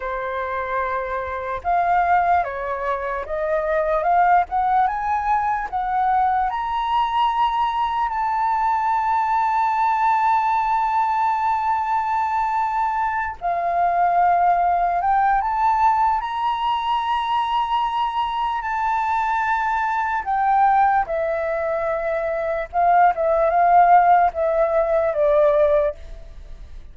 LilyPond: \new Staff \with { instrumentName = "flute" } { \time 4/4 \tempo 4 = 74 c''2 f''4 cis''4 | dis''4 f''8 fis''8 gis''4 fis''4 | ais''2 a''2~ | a''1~ |
a''8 f''2 g''8 a''4 | ais''2. a''4~ | a''4 g''4 e''2 | f''8 e''8 f''4 e''4 d''4 | }